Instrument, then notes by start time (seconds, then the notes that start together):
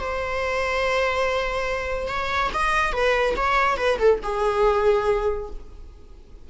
viola
0.00 C5
2.08 C#5
2.54 D#5
2.93 B4
3.37 C#5
3.78 B4
3.99 A4
4.23 G#4